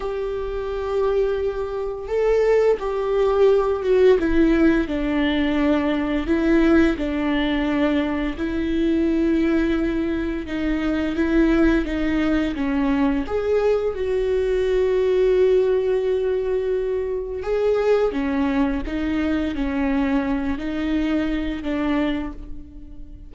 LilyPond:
\new Staff \with { instrumentName = "viola" } { \time 4/4 \tempo 4 = 86 g'2. a'4 | g'4. fis'8 e'4 d'4~ | d'4 e'4 d'2 | e'2. dis'4 |
e'4 dis'4 cis'4 gis'4 | fis'1~ | fis'4 gis'4 cis'4 dis'4 | cis'4. dis'4. d'4 | }